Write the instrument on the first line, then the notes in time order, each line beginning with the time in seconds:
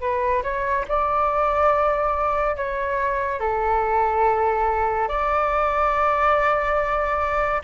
flute
0.00 B4
0.43 C#5
0.88 D5
2.56 C#5
3.40 A4
5.08 D5